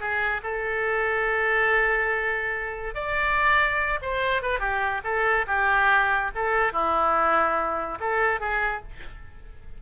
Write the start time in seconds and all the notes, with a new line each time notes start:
0.00 G#4
0.43 A4
2.95 D5
4.02 C5
4.43 B4
4.60 G4
5.04 A4
5.48 G4
6.35 A4
6.73 E4
8.01 A4
8.40 G#4